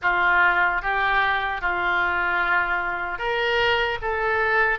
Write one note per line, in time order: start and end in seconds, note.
0.02 0.82 F4
0.82 1.61 G4
1.61 3.18 F4
3.18 3.98 A#4
4.01 4.79 A4